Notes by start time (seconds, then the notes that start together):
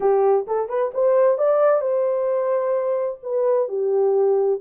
0.00 G4
0.47 A4
0.68 B4
0.93 C5
1.37 D5
1.81 C5
3.22 B4
3.68 G4